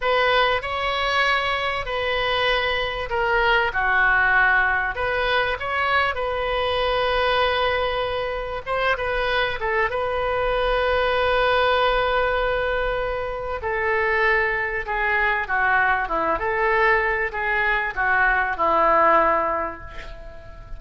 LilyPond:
\new Staff \with { instrumentName = "oboe" } { \time 4/4 \tempo 4 = 97 b'4 cis''2 b'4~ | b'4 ais'4 fis'2 | b'4 cis''4 b'2~ | b'2 c''8 b'4 a'8 |
b'1~ | b'2 a'2 | gis'4 fis'4 e'8 a'4. | gis'4 fis'4 e'2 | }